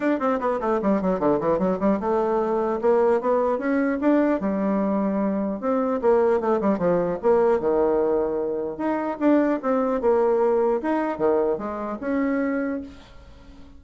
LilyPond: \new Staff \with { instrumentName = "bassoon" } { \time 4/4 \tempo 4 = 150 d'8 c'8 b8 a8 g8 fis8 d8 e8 | fis8 g8 a2 ais4 | b4 cis'4 d'4 g4~ | g2 c'4 ais4 |
a8 g8 f4 ais4 dis4~ | dis2 dis'4 d'4 | c'4 ais2 dis'4 | dis4 gis4 cis'2 | }